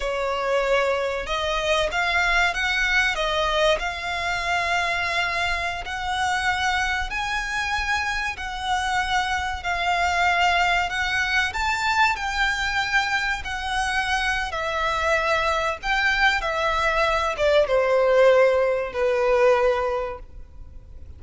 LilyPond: \new Staff \with { instrumentName = "violin" } { \time 4/4 \tempo 4 = 95 cis''2 dis''4 f''4 | fis''4 dis''4 f''2~ | f''4~ f''16 fis''2 gis''8.~ | gis''4~ gis''16 fis''2 f''8.~ |
f''4~ f''16 fis''4 a''4 g''8.~ | g''4~ g''16 fis''4.~ fis''16 e''4~ | e''4 g''4 e''4. d''8 | c''2 b'2 | }